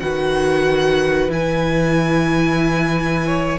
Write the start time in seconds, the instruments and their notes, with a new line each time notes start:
0.00 cello D#3, viola F#4, violin B4 F#5
1.29 cello E3, viola E4, violin G#5
3.27 violin C#5